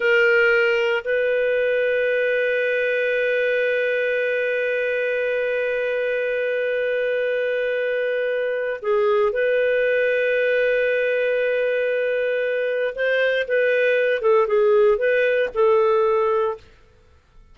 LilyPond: \new Staff \with { instrumentName = "clarinet" } { \time 4/4 \tempo 4 = 116 ais'2 b'2~ | b'1~ | b'1~ | b'1~ |
b'4 gis'4 b'2~ | b'1~ | b'4 c''4 b'4. a'8 | gis'4 b'4 a'2 | }